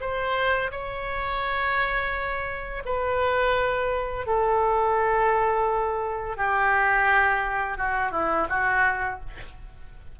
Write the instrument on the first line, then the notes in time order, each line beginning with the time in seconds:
oboe
0.00 C5
0.71 C#5
2.85 B4
4.26 A4
6.37 G4
7.77 F#4
8.11 E4
8.49 F#4